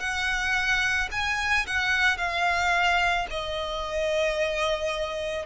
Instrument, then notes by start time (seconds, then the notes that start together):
violin
0.00 F#5
1.12 G#5
1.67 F#5
2.17 F5
3.30 D#5